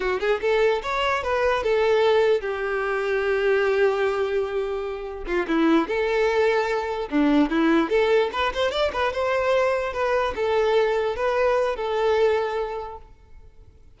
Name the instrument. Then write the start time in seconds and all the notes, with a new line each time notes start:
violin
0.00 F#4
0.20 G#4
0.41 A4
0.82 C#5
1.23 B4
1.63 A4
2.40 G4
5.26 F4
5.47 E4
5.87 A4
7.09 D4
7.50 E4
7.89 A4
8.32 B4
8.54 C5
8.71 D5
8.92 B4
9.12 C5
9.93 B4
10.35 A4
11.16 B4
11.76 A4